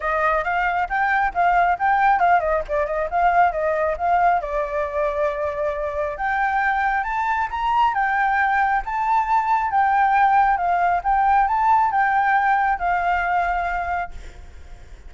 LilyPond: \new Staff \with { instrumentName = "flute" } { \time 4/4 \tempo 4 = 136 dis''4 f''4 g''4 f''4 | g''4 f''8 dis''8 d''8 dis''8 f''4 | dis''4 f''4 d''2~ | d''2 g''2 |
a''4 ais''4 g''2 | a''2 g''2 | f''4 g''4 a''4 g''4~ | g''4 f''2. | }